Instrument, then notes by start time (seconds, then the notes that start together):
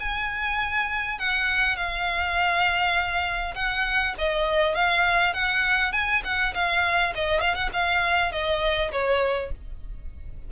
violin
0.00 G#5
1.19 F#5
1.76 F5
3.55 F#5
4.19 D#5
4.75 F5
5.34 F#5
5.92 G#5
6.24 F#5
6.54 F5
7.15 D#5
7.41 F5
7.55 F#5
7.73 F5
8.32 D#5
8.92 C#5